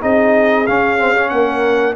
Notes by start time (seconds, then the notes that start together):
0.00 C4 D#4 G#4 D#5
0.66 C#4 F5
0.98 C4
1.14 C#4
1.29 A#3 A#4 F#5